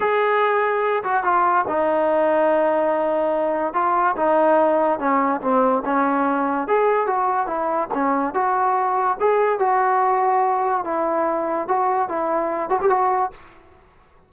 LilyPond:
\new Staff \with { instrumentName = "trombone" } { \time 4/4 \tempo 4 = 144 gis'2~ gis'8 fis'8 f'4 | dis'1~ | dis'4 f'4 dis'2 | cis'4 c'4 cis'2 |
gis'4 fis'4 e'4 cis'4 | fis'2 gis'4 fis'4~ | fis'2 e'2 | fis'4 e'4. fis'16 g'16 fis'4 | }